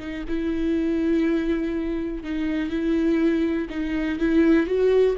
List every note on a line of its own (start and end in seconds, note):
0.00 0.25 D#4
0.29 2.24 E4
2.24 2.70 D#4
2.70 3.69 E4
3.70 4.19 D#4
4.20 4.67 E4
4.67 5.16 F#4